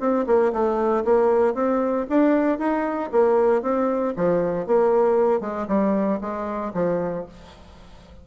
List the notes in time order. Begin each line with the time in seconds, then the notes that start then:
0.00 C4
0.26 A#3
0.52 A3
1.05 A#3
1.54 C4
2.10 D4
2.59 D#4
3.12 A#3
3.62 C4
4.16 F3
4.67 A#3
5.41 G#3
5.68 G3
6.21 G#3
6.74 F3